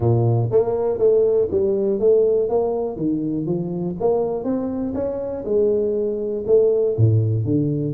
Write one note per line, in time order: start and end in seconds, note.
0.00 0.49 A#2
0.51 0.98 A#3
0.98 1.47 A3
1.51 1.99 G3
1.99 2.49 A3
2.49 2.96 A#3
2.96 3.46 D#3
3.46 3.95 F3
4.00 4.44 A#3
4.44 4.93 C4
4.94 5.44 C#4
5.45 6.44 G#3
6.46 6.96 A3
6.97 7.44 A2
7.44 7.93 D3